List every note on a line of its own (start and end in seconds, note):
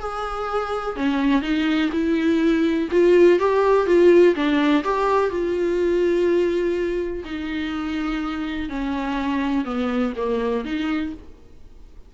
0.00 0.96 G#4
0.96 1.42 C#4
1.42 1.90 D#4
1.92 2.89 E4
2.91 3.39 F4
3.39 3.86 G4
3.86 4.35 F4
4.35 4.84 D4
4.84 5.30 G4
5.30 7.24 F4
7.25 8.69 D#4
8.69 9.65 C#4
9.65 10.13 B3
10.17 10.65 A#3
10.65 11.13 D#4